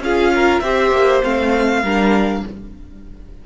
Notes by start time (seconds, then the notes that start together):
0.00 C#4 F4 G#4 F5
0.34 A#4
0.60 C4 G4 C5 E5
0.92 A#3
1.22 A3 C4 F5
1.82 G3 D4 A#4